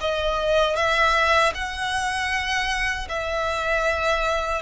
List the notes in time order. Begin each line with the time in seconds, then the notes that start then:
0.00 D#5
0.76 E5
1.54 F#5
3.08 E5